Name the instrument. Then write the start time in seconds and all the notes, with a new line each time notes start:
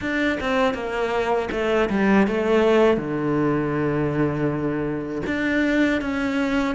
cello
0.01 D4
0.40 C4
0.73 A#3
1.51 A3
1.89 G3
2.27 A3
2.97 D3
5.26 D4
6.01 C#4